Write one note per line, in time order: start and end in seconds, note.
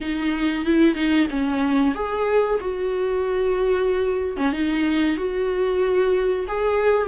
0.00 0.65 D#4
0.65 0.94 E4
0.94 1.27 D#4
1.30 1.94 C#4
1.94 2.59 G#4
2.60 4.36 F#4
4.36 4.52 C#4
4.52 5.16 D#4
5.16 6.45 F#4
6.47 7.07 G#4